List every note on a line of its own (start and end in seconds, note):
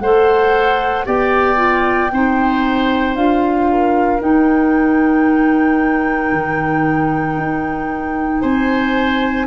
0.00 1.05 A3
0.00 1.06 A4
0.00 1.06 C5
0.00 1.05 F#5
1.06 2.12 B3
1.06 1.56 G4
1.06 2.11 D5
1.06 3.16 G5
1.56 2.09 F4
2.12 3.15 C4
2.12 3.16 D#4
2.12 3.71 C5
3.15 4.21 D4
3.15 4.20 F4
3.15 4.21 F5
3.71 8.41 A#4
4.20 9.46 D#4
4.20 6.32 D#4
4.20 8.42 G5
6.32 7.37 D#3
7.37 8.42 D#4
8.41 9.47 C4
8.41 9.47 C5
8.41 9.47 G#5